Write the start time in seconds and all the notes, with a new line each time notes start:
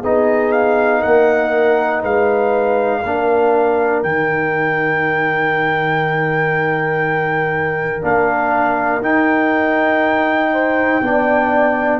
0.00 B3 D#4 G#4 D#5
0.51 F5
1.00 A#3 A#4 F#5
2.01 G#3 B4 F5
3.02 A#3 D4 A#4
4.03 D#3 D#4 G5
8.01 A#3 D4 F5
9.00 D#4 G5
10.52 C5
11.02 B3 D4 D5